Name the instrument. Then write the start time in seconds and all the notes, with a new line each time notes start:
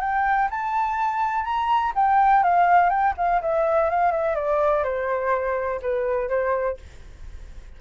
flute
0.00 G5
0.50 A5
1.44 A#5
1.95 G5
2.43 F5
2.89 G5
3.17 F5
3.42 E5
3.90 F5
4.12 E5
4.35 D5
4.83 C5
5.82 B4
6.29 C5